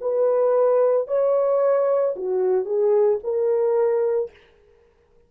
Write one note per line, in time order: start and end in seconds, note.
0.00 1.07 B4
1.07 2.14 C#5
2.15 2.65 F#4
2.65 3.19 G#4
3.23 4.31 A#4